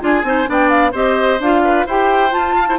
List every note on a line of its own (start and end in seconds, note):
0.00 0.23 D4
0.00 0.23 F4
0.00 0.26 G#4
0.00 0.50 G#5
0.23 0.46 C4
0.23 0.46 D#4
0.23 0.49 C5
0.46 0.93 B3
0.46 0.92 D4
0.46 0.92 D5
0.52 0.69 G5
0.69 0.92 F5
0.92 1.39 C4
0.92 1.39 G4
0.92 1.61 C5
0.92 1.41 D#5
1.39 1.85 D4
1.39 1.88 F4
1.39 1.87 F5
1.64 1.86 B4
1.86 2.32 E4
1.86 2.30 G4
1.86 2.55 C5
1.86 2.32 G5
2.30 2.64 F4
2.30 2.78 F4
2.30 2.78 A5
2.56 2.67 F5
2.67 2.78 E4
2.67 2.78 C5